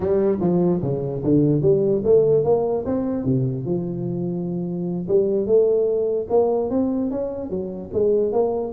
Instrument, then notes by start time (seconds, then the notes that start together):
tuba
0.00 G3
0.40 F3
0.82 C#3
1.23 D3
1.61 G3
2.04 A3
2.44 A#3
2.85 C4
3.24 C3
3.65 F3
5.07 G3
5.46 A3
6.29 A#3
6.70 C4
7.10 C#4
7.50 F#3
7.93 G#3
8.32 A#3